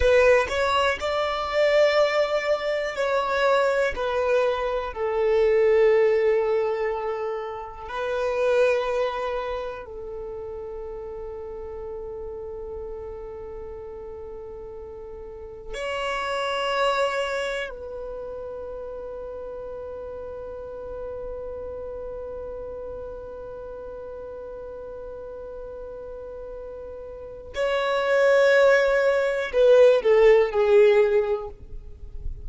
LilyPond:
\new Staff \with { instrumentName = "violin" } { \time 4/4 \tempo 4 = 61 b'8 cis''8 d''2 cis''4 | b'4 a'2. | b'2 a'2~ | a'1 |
cis''2 b'2~ | b'1~ | b'1 | cis''2 b'8 a'8 gis'4 | }